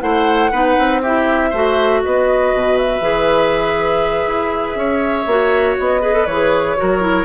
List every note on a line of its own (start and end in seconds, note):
0.00 0.51 A3
0.00 0.50 E4
0.00 0.51 C5
0.00 1.00 F#5
0.51 0.76 B3
0.51 1.02 D#4
0.51 1.01 B4
0.78 1.53 C4
1.02 1.53 E4
1.02 1.50 G4
1.02 2.02 E5
1.50 2.03 A3
1.50 3.01 F#4
1.50 2.00 C5
2.03 2.54 B3
2.03 4.78 B4
2.03 2.77 D#5
2.54 3.00 B2
2.77 5.77 E5
3.00 4.25 E3
3.00 5.26 G#4
4.27 4.75 E4
4.75 5.25 C#4
4.75 6.01 C#5
5.26 5.76 A#3
5.26 6.01 F#4
5.78 6.26 B3
5.78 6.26 D#5
6.01 6.13 G#4
6.01 6.76 B4
6.13 6.26 A4
6.26 6.76 E3
6.26 6.77 G#4
6.26 7.24 C#5
6.77 7.24 F#3
6.77 7.01 F#4
6.77 7.24 A#4
7.01 7.24 E4